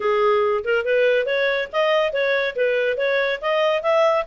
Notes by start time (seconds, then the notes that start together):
0.00 G#4
0.64 A#4
0.84 B4
1.26 C#5
1.72 D#5
2.12 C#5
2.55 B4
2.97 C#5
3.41 D#5
3.82 E5